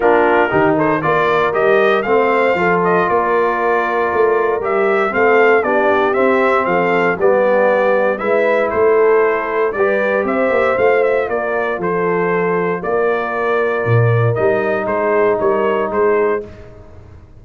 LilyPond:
<<
  \new Staff \with { instrumentName = "trumpet" } { \time 4/4 \tempo 4 = 117 ais'4. c''8 d''4 dis''4 | f''4. dis''8 d''2~ | d''4 e''4 f''4 d''4 | e''4 f''4 d''2 |
e''4 c''2 d''4 | e''4 f''8 e''8 d''4 c''4~ | c''4 d''2. | dis''4 c''4 cis''4 c''4 | }
  \new Staff \with { instrumentName = "horn" } { \time 4/4 f'4 g'8 a'8 ais'2 | c''4 a'4 ais'2~ | ais'2 a'4 g'4~ | g'4 a'4 g'2 |
b'4 a'2 b'4 | c''2 ais'4 a'4~ | a'4 ais'2.~ | ais'4 gis'4 ais'4 gis'4 | }
  \new Staff \with { instrumentName = "trombone" } { \time 4/4 d'4 dis'4 f'4 g'4 | c'4 f'2.~ | f'4 g'4 c'4 d'4 | c'2 b2 |
e'2. g'4~ | g'4 f'2.~ | f'1 | dis'1 | }
  \new Staff \with { instrumentName = "tuba" } { \time 4/4 ais4 dis4 ais4 g4 | a4 f4 ais2 | a4 g4 a4 b4 | c'4 f4 g2 |
gis4 a2 g4 | c'8 ais8 a4 ais4 f4~ | f4 ais2 ais,4 | g4 gis4 g4 gis4 | }
>>